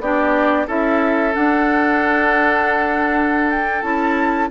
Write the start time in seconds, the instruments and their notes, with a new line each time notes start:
0.00 bassoon B3, clarinet D4, oboe G4, flute D5
0.67 bassoon C#4, clarinet E4, oboe A4, flute E5
1.33 clarinet D4, bassoon D4, flute F#5
3.50 flute G5
3.82 bassoon C#4, clarinet E4, flute A5